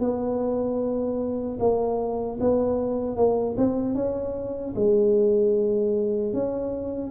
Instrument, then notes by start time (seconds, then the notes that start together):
tuba
0.00 B3
1.60 A#3
2.40 B3
3.16 A#3
3.57 C4
3.95 C#4
4.76 G#3
6.33 C#4